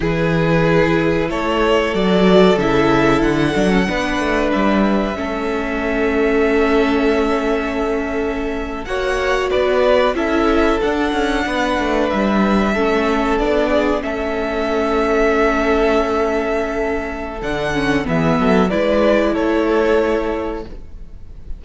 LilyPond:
<<
  \new Staff \with { instrumentName = "violin" } { \time 4/4 \tempo 4 = 93 b'2 cis''4 d''4 | e''4 fis''2 e''4~ | e''1~ | e''4.~ e''16 fis''4 d''4 e''16~ |
e''8. fis''2 e''4~ e''16~ | e''8. d''4 e''2~ e''16~ | e''2. fis''4 | e''4 d''4 cis''2 | }
  \new Staff \with { instrumentName = "violin" } { \time 4/4 gis'2 a'2~ | a'2 b'2 | a'1~ | a'4.~ a'16 cis''4 b'4 a'16~ |
a'4.~ a'16 b'2 a'16~ | a'4~ a'16 gis'8 a'2~ a'16~ | a'1 | gis'8 a'8 b'4 a'2 | }
  \new Staff \with { instrumentName = "viola" } { \time 4/4 e'2. fis'4 | e'4. d'16 cis'16 d'2 | cis'1~ | cis'4.~ cis'16 fis'2 e'16~ |
e'8. d'2. cis'16~ | cis'8. d'4 cis'2~ cis'16~ | cis'2. d'8 cis'8 | b4 e'2. | }
  \new Staff \with { instrumentName = "cello" } { \time 4/4 e2 a4 fis4 | cis4 d8 fis8 b8 a8 g4 | a1~ | a4.~ a16 ais4 b4 cis'16~ |
cis'8. d'8 cis'8 b8 a8 g4 a16~ | a8. b4 a2~ a16~ | a2. d4 | e8 fis8 gis4 a2 | }
>>